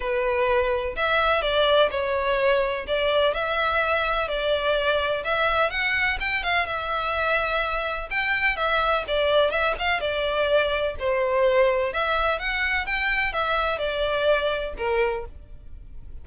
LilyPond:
\new Staff \with { instrumentName = "violin" } { \time 4/4 \tempo 4 = 126 b'2 e''4 d''4 | cis''2 d''4 e''4~ | e''4 d''2 e''4 | fis''4 g''8 f''8 e''2~ |
e''4 g''4 e''4 d''4 | e''8 f''8 d''2 c''4~ | c''4 e''4 fis''4 g''4 | e''4 d''2 ais'4 | }